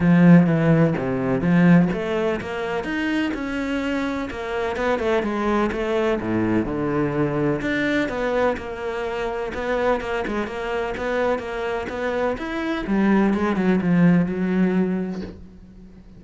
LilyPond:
\new Staff \with { instrumentName = "cello" } { \time 4/4 \tempo 4 = 126 f4 e4 c4 f4 | a4 ais4 dis'4 cis'4~ | cis'4 ais4 b8 a8 gis4 | a4 a,4 d2 |
d'4 b4 ais2 | b4 ais8 gis8 ais4 b4 | ais4 b4 e'4 g4 | gis8 fis8 f4 fis2 | }